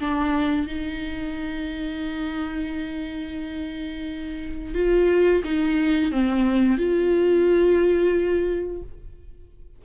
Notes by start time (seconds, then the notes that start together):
0.00 D4
0.67 D#4
4.74 F4
5.44 D#4
6.12 C4
6.78 F4